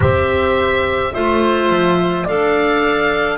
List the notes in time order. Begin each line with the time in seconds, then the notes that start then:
0.00 C4 G4 C5 E5
1.13 A3 F4 C5 E5
1.69 F3
2.24 A4 D5 F5
2.30 D4